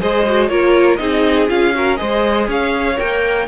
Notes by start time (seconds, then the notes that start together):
0.00 G#3 G#4 C5 D#5
0.27 F#4
0.48 A#3 F4 A#4 C#5
0.96 C4 D#4 G#4 D#5
1.48 C#4 F4 F5
1.74 F#4 A#4
1.96 G#3 G#4 C5 D#5
2.48 C#4 C#5 F5
2.96 A#3 A#4 G5